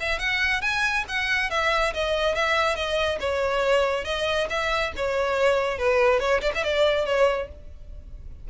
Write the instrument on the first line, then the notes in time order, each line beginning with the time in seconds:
violin
0.00 E5
0.19 F#5
0.61 G#5
1.08 F#5
1.50 E5
1.93 D#5
2.35 E5
2.75 D#5
3.20 C#5
4.04 D#5
4.49 E5
4.96 C#5
5.78 B4
6.19 C#5
6.41 D5
6.54 E5
6.63 D5
7.05 C#5